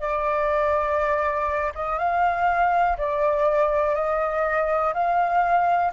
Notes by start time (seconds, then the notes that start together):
0.00 D5
1.75 D#5
1.98 F5
2.97 D5
3.95 D#5
4.94 F5